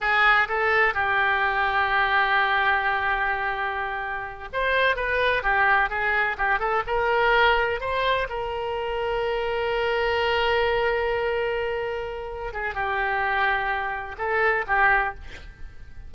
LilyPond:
\new Staff \with { instrumentName = "oboe" } { \time 4/4 \tempo 4 = 127 gis'4 a'4 g'2~ | g'1~ | g'4. c''4 b'4 g'8~ | g'8 gis'4 g'8 a'8 ais'4.~ |
ais'8 c''4 ais'2~ ais'8~ | ais'1~ | ais'2~ ais'8 gis'8 g'4~ | g'2 a'4 g'4 | }